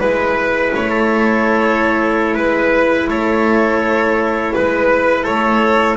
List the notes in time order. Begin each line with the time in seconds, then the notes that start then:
0.00 G#3 E4 B4
0.75 A3 C#5
0.90 A4
2.35 G#3 B4
3.08 A3 A4 C#5
4.54 G#3 B4
5.23 A3 A4 C#5